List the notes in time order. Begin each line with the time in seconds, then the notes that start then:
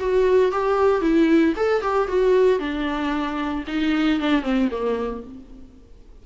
0.00 F#4
0.52 G4
1.02 E4
1.57 A4
1.83 G4
2.09 F#4
2.60 D4
3.68 D#4
4.21 D4
4.43 C4
4.71 A#3